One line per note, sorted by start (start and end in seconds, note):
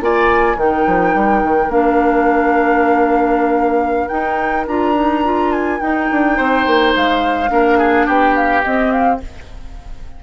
0.00 0.56 A#3
0.00 0.56 F4
0.00 0.56 D5
0.00 0.58 G#5
0.56 0.84 D#3
0.56 1.69 D#4
0.56 6.36 A#4
0.56 1.71 G5
0.86 1.14 F3
1.14 1.42 G3
1.43 1.68 D#3
1.68 4.08 A#3
1.68 4.09 D4
1.68 4.07 F5
4.07 4.66 D#4
4.07 4.64 G5
4.66 5.80 D4
4.66 4.94 F4
4.66 5.52 A#5
4.94 5.23 D#4
5.24 5.79 F4
5.52 5.79 G#5
5.79 7.48 D#4
5.79 6.09 D#4
5.79 6.92 G5
6.10 6.38 D4
6.36 6.66 C4
6.36 7.49 C5
6.66 6.94 A#3
6.96 7.50 G#3
6.96 8.06 F5
7.48 8.06 A#3
7.48 8.61 D4
7.48 7.78 A#4
7.78 8.06 G#4
8.06 8.63 B3
8.06 9.19 G4
8.06 8.34 G5
8.34 8.63 F5
8.63 9.21 C4
8.63 9.22 C4
8.63 8.91 D#5
8.91 9.20 F5